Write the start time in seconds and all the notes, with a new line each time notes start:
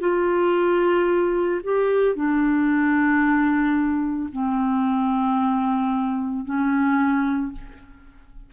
0.00 F4
1.64 G4
2.15 D4
4.32 C4
6.45 C#4